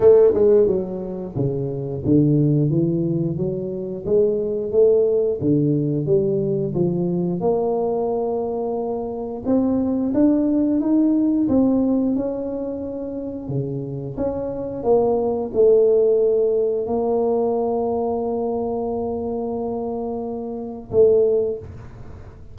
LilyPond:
\new Staff \with { instrumentName = "tuba" } { \time 4/4 \tempo 4 = 89 a8 gis8 fis4 cis4 d4 | e4 fis4 gis4 a4 | d4 g4 f4 ais4~ | ais2 c'4 d'4 |
dis'4 c'4 cis'2 | cis4 cis'4 ais4 a4~ | a4 ais2.~ | ais2. a4 | }